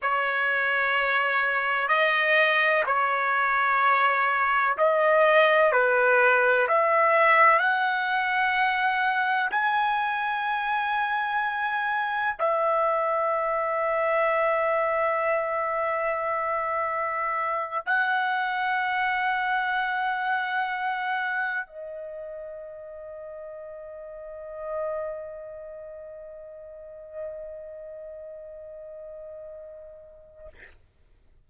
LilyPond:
\new Staff \with { instrumentName = "trumpet" } { \time 4/4 \tempo 4 = 63 cis''2 dis''4 cis''4~ | cis''4 dis''4 b'4 e''4 | fis''2 gis''2~ | gis''4 e''2.~ |
e''2~ e''8. fis''4~ fis''16~ | fis''2~ fis''8. dis''4~ dis''16~ | dis''1~ | dis''1 | }